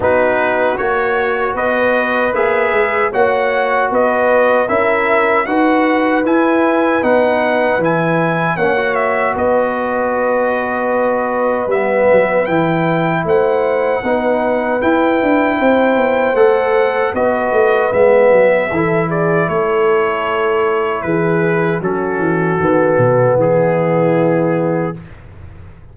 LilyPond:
<<
  \new Staff \with { instrumentName = "trumpet" } { \time 4/4 \tempo 4 = 77 b'4 cis''4 dis''4 e''4 | fis''4 dis''4 e''4 fis''4 | gis''4 fis''4 gis''4 fis''8 e''8 | dis''2. e''4 |
g''4 fis''2 g''4~ | g''4 fis''4 dis''4 e''4~ | e''8 d''8 cis''2 b'4 | a'2 gis'2 | }
  \new Staff \with { instrumentName = "horn" } { \time 4/4 fis'2 b'2 | cis''4 b'4 ais'4 b'4~ | b'2. cis''4 | b'1~ |
b'4 c''4 b'2 | c''2 b'2 | a'8 gis'8 a'2 gis'4 | fis'2 e'2 | }
  \new Staff \with { instrumentName = "trombone" } { \time 4/4 dis'4 fis'2 gis'4 | fis'2 e'4 fis'4 | e'4 dis'4 e'4 cis'16 fis'8.~ | fis'2. b4 |
e'2 dis'4 e'4~ | e'4 a'4 fis'4 b4 | e'1 | cis'4 b2. | }
  \new Staff \with { instrumentName = "tuba" } { \time 4/4 b4 ais4 b4 ais8 gis8 | ais4 b4 cis'4 dis'4 | e'4 b4 e4 ais4 | b2. g8 fis8 |
e4 a4 b4 e'8 d'8 | c'8 b8 a4 b8 a8 gis8 fis8 | e4 a2 e4 | fis8 e8 dis8 b,8 e2 | }
>>